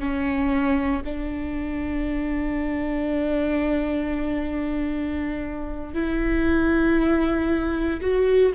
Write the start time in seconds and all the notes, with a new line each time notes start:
0.00 C#4
1.05 D4
5.94 E4
8.01 F#4